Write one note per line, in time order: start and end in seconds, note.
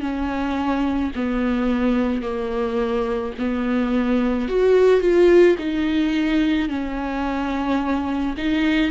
0.00 1.11 C#4
1.15 2.22 B3
2.22 3.33 A#3
3.38 4.48 B3
4.48 5.00 F#4
5.00 5.56 F4
5.58 6.68 D#4
6.68 8.35 C#4
8.37 8.91 D#4